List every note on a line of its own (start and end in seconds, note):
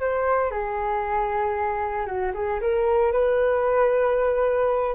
0.00 0.51 C5
0.51 2.06 G#4
2.06 2.32 F#4
2.34 2.60 G#4
2.61 3.12 A#4
3.12 4.94 B4